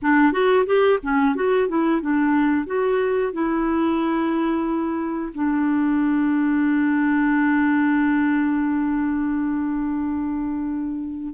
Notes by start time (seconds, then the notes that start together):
0.02 D4
0.32 F#4
0.65 G4
1.02 C#4
1.35 F#4
1.68 E4
2.01 D4
2.66 F#4
3.32 E4
5.33 D4